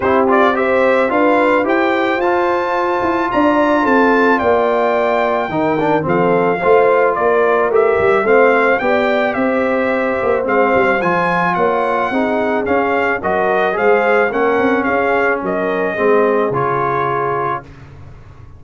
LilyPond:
<<
  \new Staff \with { instrumentName = "trumpet" } { \time 4/4 \tempo 4 = 109 c''8 d''8 e''4 f''4 g''4 | a''2 ais''4 a''4 | g''2. f''4~ | f''4 d''4 e''4 f''4 |
g''4 e''2 f''4 | gis''4 fis''2 f''4 | dis''4 f''4 fis''4 f''4 | dis''2 cis''2 | }
  \new Staff \with { instrumentName = "horn" } { \time 4/4 g'4 c''4 b'4 c''4~ | c''2 d''4 a'4 | d''2 ais'4 a'4 | c''4 ais'2 c''4 |
d''4 c''2.~ | c''4 cis''4 gis'2 | ais'4 c''4 ais'4 gis'4 | ais'4 gis'2. | }
  \new Staff \with { instrumentName = "trombone" } { \time 4/4 e'8 f'8 g'4 f'4 g'4 | f'1~ | f'2 dis'8 d'8 c'4 | f'2 g'4 c'4 |
g'2. c'4 | f'2 dis'4 cis'4 | fis'4 gis'4 cis'2~ | cis'4 c'4 f'2 | }
  \new Staff \with { instrumentName = "tuba" } { \time 4/4 c'2 d'4 e'4 | f'4. e'8 d'4 c'4 | ais2 dis4 f4 | a4 ais4 a8 g8 a4 |
b4 c'4. ais8 gis8 g8 | f4 ais4 c'4 cis'4 | fis4 gis4 ais8 c'8 cis'4 | fis4 gis4 cis2 | }
>>